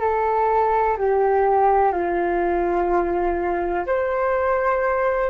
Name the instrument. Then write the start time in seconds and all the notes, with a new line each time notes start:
flute
0.00 A4
0.98 G4
1.92 F4
3.86 C5